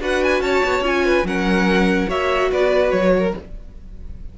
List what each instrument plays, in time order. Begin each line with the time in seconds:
0.00 cello D4, viola F#4, violin B4 F#5
0.24 violin G#5
0.41 cello C#4, violin C#5 A5
0.64 cello B3
0.80 cello C#4, viola F4, violin G#5
1.06 violin B4
1.24 cello F#3, viola C#4, violin A#4 F#5
2.08 cello A#3, viola F#4, violin C#5 E5
2.51 cello B3, violin B4 D5
2.91 cello F#3, violin C#5
3.17 violin A#4